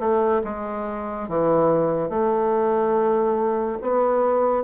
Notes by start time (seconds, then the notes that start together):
0.00 A3
0.45 G#3
1.29 E3
2.10 A3
3.82 B3